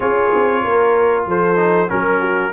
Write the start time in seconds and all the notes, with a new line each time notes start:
0.00 C#4 F4 G#4 C#5
0.34 C4
0.64 A#3 A#4
1.26 F3 A4 C5
1.56 D#4
1.88 F#3 C#4 A#4
2.20 F#4